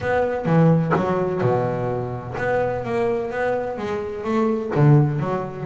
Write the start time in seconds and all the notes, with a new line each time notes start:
0.00 B3
0.45 E3
0.96 F#3
1.41 B2
2.37 B3
2.84 A#3
3.31 B3
3.77 G#3
4.23 A3
4.75 D3
5.19 F#3